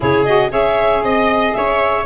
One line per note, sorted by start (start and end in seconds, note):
0.00 0.52 C#3
0.00 0.26 E4
0.00 0.51 G#4
0.00 0.25 C#5
0.25 0.49 F#4
0.25 0.51 D#5
0.49 1.02 C#4
0.49 2.04 G#4
0.49 1.03 C#5
0.49 1.03 E5
1.02 1.54 C4
1.02 1.52 D#5
1.02 1.56 D#5
1.52 2.06 C#4
1.52 2.06 C#5
1.52 2.04 E5